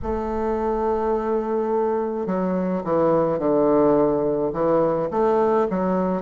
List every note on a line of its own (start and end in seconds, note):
0.02 2.26 A3
2.26 2.83 F#3
2.84 3.38 E3
3.38 4.51 D3
4.52 5.09 E3
5.10 5.67 A3
5.70 6.22 F#3